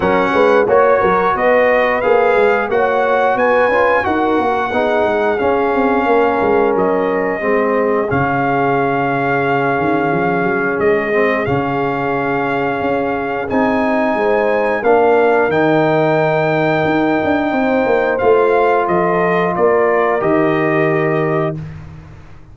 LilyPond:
<<
  \new Staff \with { instrumentName = "trumpet" } { \time 4/4 \tempo 4 = 89 fis''4 cis''4 dis''4 f''4 | fis''4 gis''4 fis''2 | f''2 dis''2 | f''1 |
dis''4 f''2. | gis''2 f''4 g''4~ | g''2. f''4 | dis''4 d''4 dis''2 | }
  \new Staff \with { instrumentName = "horn" } { \time 4/4 ais'8 b'8 cis''8 ais'8 b'2 | cis''4 b'4 ais'4 gis'4~ | gis'4 ais'2 gis'4~ | gis'1~ |
gis'1~ | gis'4 c''4 ais'2~ | ais'2 c''2 | a'4 ais'2. | }
  \new Staff \with { instrumentName = "trombone" } { \time 4/4 cis'4 fis'2 gis'4 | fis'4. f'8 fis'4 dis'4 | cis'2. c'4 | cis'1~ |
cis'8 c'8 cis'2. | dis'2 d'4 dis'4~ | dis'2. f'4~ | f'2 g'2 | }
  \new Staff \with { instrumentName = "tuba" } { \time 4/4 fis8 gis8 ais8 fis8 b4 ais8 gis8 | ais4 b8 cis'8 dis'8 ais8 b8 gis8 | cis'8 c'8 ais8 gis8 fis4 gis4 | cis2~ cis8 dis8 f8 fis8 |
gis4 cis2 cis'4 | c'4 gis4 ais4 dis4~ | dis4 dis'8 d'8 c'8 ais8 a4 | f4 ais4 dis2 | }
>>